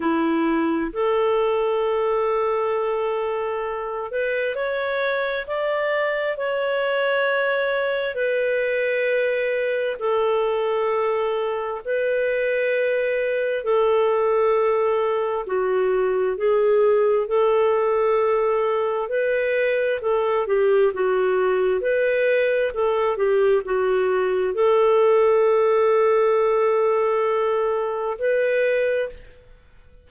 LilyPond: \new Staff \with { instrumentName = "clarinet" } { \time 4/4 \tempo 4 = 66 e'4 a'2.~ | a'8 b'8 cis''4 d''4 cis''4~ | cis''4 b'2 a'4~ | a'4 b'2 a'4~ |
a'4 fis'4 gis'4 a'4~ | a'4 b'4 a'8 g'8 fis'4 | b'4 a'8 g'8 fis'4 a'4~ | a'2. b'4 | }